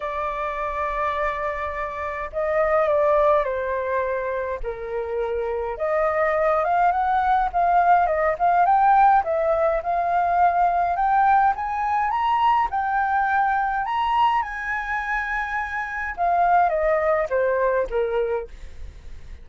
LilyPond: \new Staff \with { instrumentName = "flute" } { \time 4/4 \tempo 4 = 104 d''1 | dis''4 d''4 c''2 | ais'2 dis''4. f''8 | fis''4 f''4 dis''8 f''8 g''4 |
e''4 f''2 g''4 | gis''4 ais''4 g''2 | ais''4 gis''2. | f''4 dis''4 c''4 ais'4 | }